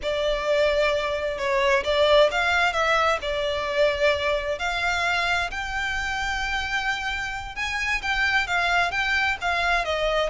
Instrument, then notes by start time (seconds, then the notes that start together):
violin
0.02 D5
1.37 C#5
1.84 D5
2.31 F5
2.72 E5
3.21 D5
4.58 F5
5.50 G5
7.55 G#5
8.02 G5
8.47 F5
8.91 G5
9.41 F5
9.84 D#5